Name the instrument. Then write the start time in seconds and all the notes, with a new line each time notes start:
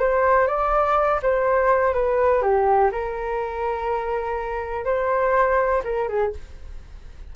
flute
0.00 C5
0.48 D5
1.23 C5
1.94 B4
2.42 G4
2.92 A#4
4.85 C5
5.84 A#4
6.09 G#4